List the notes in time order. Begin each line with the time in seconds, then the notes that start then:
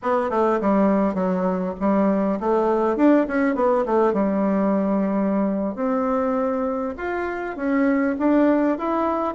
0.02 B3
0.30 A3
0.60 G3
1.14 F#3
1.80 G3
2.40 A3
2.96 D4
3.27 C#4
3.55 B3
3.85 A3
4.13 G3
5.75 C4
6.97 F4
7.56 C#4
8.18 D4
8.78 E4